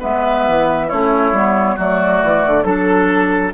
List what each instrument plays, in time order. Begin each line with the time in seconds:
0.00 bassoon G#3, clarinet B3, oboe B4, flute E5
0.48 bassoon E3
0.87 bassoon A3, clarinet C#4, oboe E4, flute C#5
1.33 bassoon G3, clarinet B3
1.76 bassoon F#3, clarinet A3, oboe F#4, flute D5
2.23 bassoon E3
2.47 bassoon D3
2.64 bassoon F#3, clarinet D4, flute A4, oboe A4